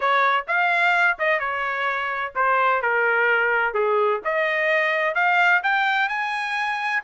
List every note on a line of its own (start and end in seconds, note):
0.00 0.45 C#5
0.47 1.17 F5
1.18 1.39 D#5
1.39 2.33 C#5
2.35 2.81 C5
2.81 3.74 A#4
3.74 4.20 G#4
4.24 5.14 D#5
5.14 5.61 F5
5.63 6.09 G5
6.09 7.02 G#5